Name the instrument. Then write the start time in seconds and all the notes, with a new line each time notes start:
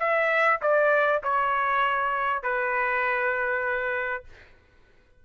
trumpet
0.00 E5
0.62 D5
1.24 C#5
2.43 B4